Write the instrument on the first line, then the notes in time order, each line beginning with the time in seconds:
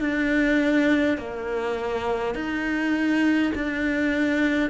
cello
0.00 D4
1.18 A#3
2.35 D#4
3.55 D4